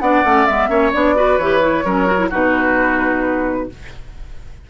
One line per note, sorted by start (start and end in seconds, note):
0.00 0.24 B3
0.00 0.25 D4
0.00 0.70 D5
0.00 0.46 F#5
0.24 0.47 A3
0.24 0.48 C#4
0.46 0.69 G#3
0.46 0.69 B3
0.46 0.92 E5
0.69 0.92 A#3
0.69 0.92 C#4
0.69 1.15 C#5
0.93 1.38 B3
0.93 1.16 D4
0.93 1.37 D5
1.16 1.39 F#4
1.16 1.85 B4
1.37 1.84 E3
1.37 1.61 G4
1.37 2.29 C#5
1.61 1.84 E4
1.85 2.31 F#3
1.85 2.06 C#4
1.85 2.30 A#4
2.06 2.18 F#4
2.18 2.30 E4
2.30 3.70 B2
2.30 3.69 D#4
2.30 3.67 F#4
2.30 3.69 B4